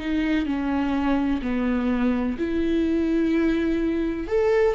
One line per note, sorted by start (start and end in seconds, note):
0.00 0.46 D#4
0.46 1.42 C#4
1.42 2.37 B3
2.39 4.28 E4
4.28 4.75 A4